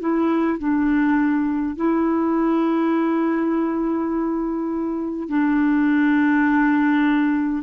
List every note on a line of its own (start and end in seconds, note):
0.00 0.59 E4
0.59 1.76 D4
1.76 5.29 E4
5.29 7.63 D4